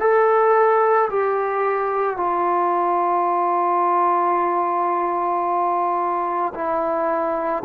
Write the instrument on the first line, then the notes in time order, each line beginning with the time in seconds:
trombone
0.00 A4
1.10 G4
2.17 F4
6.55 E4